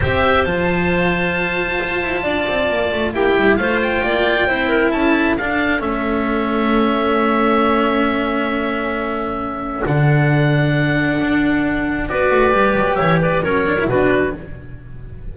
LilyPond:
<<
  \new Staff \with { instrumentName = "oboe" } { \time 4/4 \tempo 4 = 134 e''4 a''2.~ | a''2. g''4 | f''8 g''2~ g''8 a''4 | f''4 e''2.~ |
e''1~ | e''2 fis''2~ | fis''2. d''4~ | d''4 e''8 d''8 cis''4 b'4 | }
  \new Staff \with { instrumentName = "clarinet" } { \time 4/4 c''1~ | c''4 d''2 g'4 | c''4 d''4 c''8 ais'8 a'4~ | a'1~ |
a'1~ | a'1~ | a'2. b'4~ | b'4 cis''8 b'8 ais'4 fis'4 | }
  \new Staff \with { instrumentName = "cello" } { \time 4/4 g'4 f'2.~ | f'2. e'4 | f'2 e'2 | d'4 cis'2.~ |
cis'1~ | cis'2 d'2~ | d'2. fis'4 | g'2 cis'8 d'16 e'16 d'4 | }
  \new Staff \with { instrumentName = "double bass" } { \time 4/4 c'4 f2. | f'8 e'8 d'8 c'8 ais8 a8 ais8 g8 | a4 ais4 c'4 cis'4 | d'4 a2.~ |
a1~ | a2 d2~ | d4 d'2 b8 a8 | g8 fis8 e4 fis4 b,4 | }
>>